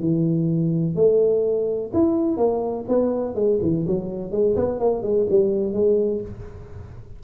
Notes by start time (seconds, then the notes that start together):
0.00 E3
0.96 A3
1.94 E4
2.37 A#3
2.89 B3
3.35 G#3
3.62 E3
3.87 F#3
4.32 G#3
4.56 B3
4.80 A#3
5.03 G#3
5.30 G3
5.73 G#3